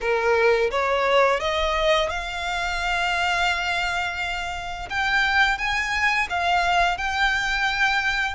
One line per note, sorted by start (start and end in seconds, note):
0.00 0.70 A#4
0.70 1.40 C#5
1.40 2.09 D#5
2.09 4.88 F5
4.89 5.58 G5
5.58 6.27 G#5
6.29 6.97 F5
6.97 8.34 G5